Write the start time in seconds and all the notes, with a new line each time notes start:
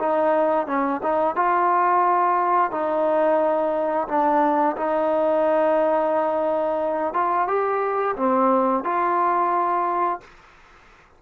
0.00 D#4
0.67 C#4
1.04 D#4
1.36 F4
2.72 D#4
4.08 D4
4.77 D#4
7.14 F4
7.48 G4
8.17 C4
8.85 F4